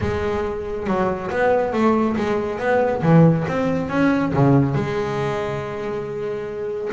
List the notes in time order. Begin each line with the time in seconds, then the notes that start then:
0.00 G#3
0.87 F#3
1.30 B3
1.72 A3
2.16 G#3
2.58 B3
3.02 E3
3.47 C4
3.89 C#4
4.33 C#3
4.74 G#3